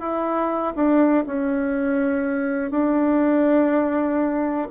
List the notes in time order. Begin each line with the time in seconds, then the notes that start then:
0.00 E4
0.76 D4
1.26 C#4
2.70 D4